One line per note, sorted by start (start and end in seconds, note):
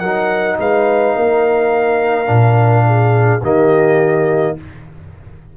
0.00 0.58 F#3
0.00 2.26 D#4
0.00 0.57 A#4
0.00 0.57 F#5
0.59 1.16 G#3
0.59 1.16 B4
0.59 3.44 F5
1.16 2.29 A#3
1.16 2.86 A#4
2.26 3.42 A#2
2.26 3.39 D4
2.87 3.42 G#4
3.42 4.55 D#3
3.42 4.58 A#3
3.42 4.56 G4
3.42 4.58 D#5